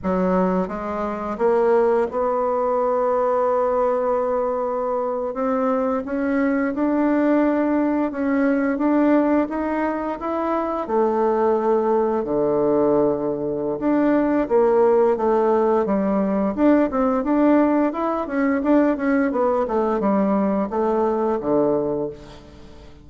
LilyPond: \new Staff \with { instrumentName = "bassoon" } { \time 4/4 \tempo 4 = 87 fis4 gis4 ais4 b4~ | b2.~ b8. c'16~ | c'8. cis'4 d'2 cis'16~ | cis'8. d'4 dis'4 e'4 a16~ |
a4.~ a16 d2~ d16 | d'4 ais4 a4 g4 | d'8 c'8 d'4 e'8 cis'8 d'8 cis'8 | b8 a8 g4 a4 d4 | }